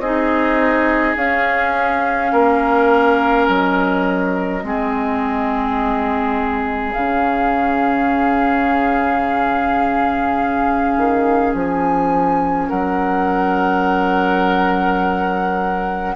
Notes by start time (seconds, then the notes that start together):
0.00 C4 D#4 G#4 D#5
1.16 C#4 F5
2.32 A#3 A#4
3.48 F#3 D#5
4.63 G#3 C4 G#4
6.92 C#3 C#4 F5
10.97 D#3
11.55 F3 G#5
12.69 F#3 A#4 F#5